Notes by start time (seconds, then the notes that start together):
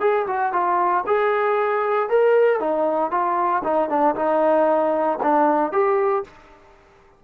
0.00 G#4
0.27 F#4
0.52 F4
1.06 G#4
2.09 A#4
2.59 D#4
3.11 F4
3.63 D#4
3.89 D4
4.15 D#4
5.22 D4
5.72 G4